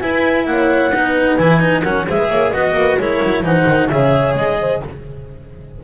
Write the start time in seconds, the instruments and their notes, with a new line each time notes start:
0.00 cello E4, double bass E4, horn B4, clarinet G#5
0.46 double bass A#3, horn C#5, clarinet F#5
0.92 double bass B3, cello D#4, horn B4
1.37 double bass E3, cello E4, clarinet G#5
1.60 cello D#4
1.82 double bass F#3, cello C#4, horn A#4, clarinet F#5
2.06 double bass G#3, cello G#4, horn C5, clarinet E5
2.18 horn B4
2.29 double bass A#3, horn C#5
2.50 double bass B3, cello F#4, horn D#5, clarinet D#5
2.73 double bass A#3, horn B4
2.97 double bass G#3, cello E4, horn A#4, clarinet C#5
3.23 double bass F#3
3.42 double bass E3, cello D#4, horn C5, clarinet F#5
3.67 double bass D#3
3.89 double bass C#3, cello G#4, horn C#5, clarinet E5
4.35 double bass G#3, clarinet D#5
4.60 horn C5